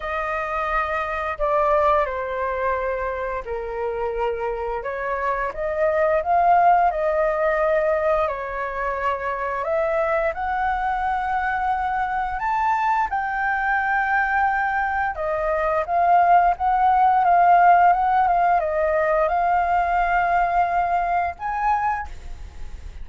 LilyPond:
\new Staff \with { instrumentName = "flute" } { \time 4/4 \tempo 4 = 87 dis''2 d''4 c''4~ | c''4 ais'2 cis''4 | dis''4 f''4 dis''2 | cis''2 e''4 fis''4~ |
fis''2 a''4 g''4~ | g''2 dis''4 f''4 | fis''4 f''4 fis''8 f''8 dis''4 | f''2. gis''4 | }